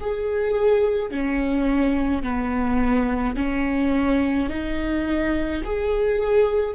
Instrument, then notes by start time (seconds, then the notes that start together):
viola
0.00 G#4
1.11 C#4
2.23 B3
3.36 C#4
4.49 D#4
5.64 G#4